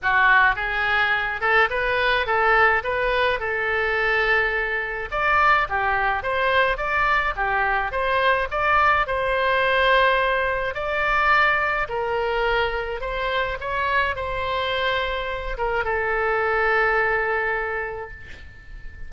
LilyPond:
\new Staff \with { instrumentName = "oboe" } { \time 4/4 \tempo 4 = 106 fis'4 gis'4. a'8 b'4 | a'4 b'4 a'2~ | a'4 d''4 g'4 c''4 | d''4 g'4 c''4 d''4 |
c''2. d''4~ | d''4 ais'2 c''4 | cis''4 c''2~ c''8 ais'8 | a'1 | }